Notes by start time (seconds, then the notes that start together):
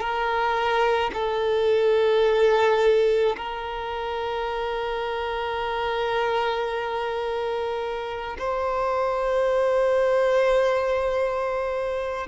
0.00 A#4
1.14 A4
3.37 A#4
8.38 C5